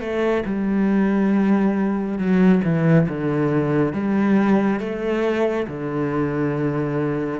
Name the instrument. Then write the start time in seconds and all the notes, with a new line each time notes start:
cello
0.00 A3
0.45 G3
2.18 F#3
2.64 E3
3.08 D3
3.93 G3
4.79 A3
5.67 D3